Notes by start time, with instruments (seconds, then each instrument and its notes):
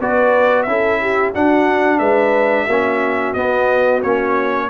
0.00 tuba B3, trombone F#4, horn B4, trumpet D5
0.63 tuba C#4, trombone E4, horn A4, trumpet E5
1.01 horn G4
1.33 trombone D4, tuba D4, horn F#4, trumpet F#5
1.98 tuba G#3, horn B4, trumpet E5
2.67 tuba A#3, trombone C#4, horn F#4
3.34 trombone B3, tuba B3, trumpet D#5
4.03 tuba A#3, trombone C#4, trumpet C#5